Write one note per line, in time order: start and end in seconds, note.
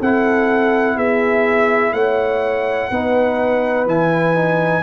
0.00 0.97 C4
0.00 2.93 E4
0.00 0.97 A4
0.00 0.98 F#5
0.97 1.93 B3
0.97 1.93 G#4
0.97 1.94 E5
1.93 2.90 A3
1.93 2.91 C#5
1.93 3.87 F#5
2.91 3.86 B3
2.91 3.87 D#4
2.91 4.83 B4
3.86 4.83 E3
3.86 4.35 E4
3.86 4.83 G#5
4.35 4.83 D#4